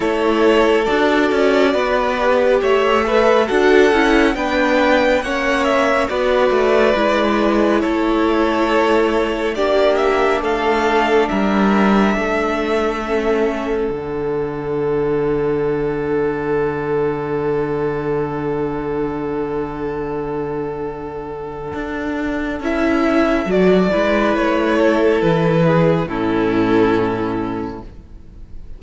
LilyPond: <<
  \new Staff \with { instrumentName = "violin" } { \time 4/4 \tempo 4 = 69 cis''4 d''2 e''4 | fis''4 g''4 fis''8 e''8 d''4~ | d''4 cis''2 d''8 e''8 | f''4 e''2. |
fis''1~ | fis''1~ | fis''2 e''4 d''4 | cis''4 b'4 a'2 | }
  \new Staff \with { instrumentName = "violin" } { \time 4/4 a'2 b'4 cis''8 b'8 | a'4 b'4 cis''4 b'4~ | b'4 a'2 g'4 | a'4 ais'4 a'2~ |
a'1~ | a'1~ | a'2.~ a'8 b'8~ | b'8 a'4 gis'8 e'2 | }
  \new Staff \with { instrumentName = "viola" } { \time 4/4 e'4 fis'4. g'4 a'8 | fis'8 e'8 d'4 cis'4 fis'4 | e'2. d'4~ | d'2. cis'4 |
d'1~ | d'1~ | d'2 e'4 fis'8 e'8~ | e'2 cis'2 | }
  \new Staff \with { instrumentName = "cello" } { \time 4/4 a4 d'8 cis'8 b4 a4 | d'8 cis'8 b4 ais4 b8 a8 | gis4 a2 ais4 | a4 g4 a2 |
d1~ | d1~ | d4 d'4 cis'4 fis8 gis8 | a4 e4 a,2 | }
>>